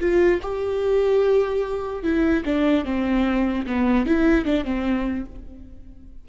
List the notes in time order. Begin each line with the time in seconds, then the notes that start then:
0.00 F4
0.42 G4
2.03 E4
2.45 D4
2.85 C4
3.66 B3
4.06 E4
4.45 D4
4.64 C4